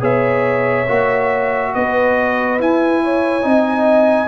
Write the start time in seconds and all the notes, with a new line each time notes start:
0.00 B3 G#4 C#5 E5
0.88 A#3 F#4
1.74 B3 B4 D#5
2.60 E4 G#5
3.04 C#5
3.42 C4 D#4 D#5